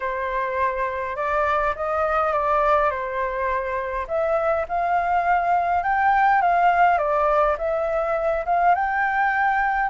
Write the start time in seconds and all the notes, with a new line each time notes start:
0.00 C5
1.16 D5
1.75 D#5
2.32 D5
2.90 C5
4.07 E5
4.68 F5
5.83 G5
6.41 F5
6.97 D5
7.57 E5
8.45 F5
8.74 G5